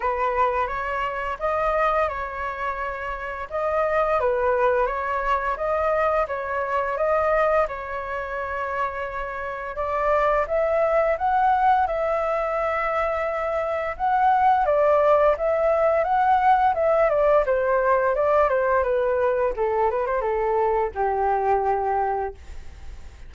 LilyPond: \new Staff \with { instrumentName = "flute" } { \time 4/4 \tempo 4 = 86 b'4 cis''4 dis''4 cis''4~ | cis''4 dis''4 b'4 cis''4 | dis''4 cis''4 dis''4 cis''4~ | cis''2 d''4 e''4 |
fis''4 e''2. | fis''4 d''4 e''4 fis''4 | e''8 d''8 c''4 d''8 c''8 b'4 | a'8 b'16 c''16 a'4 g'2 | }